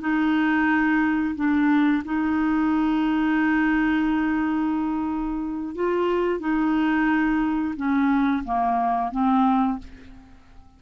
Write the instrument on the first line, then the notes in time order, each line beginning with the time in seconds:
clarinet
0.00 D#4
1.35 D4
2.04 D#4
5.75 F4
6.40 D#4
7.76 C#4
8.44 A#3
9.11 C4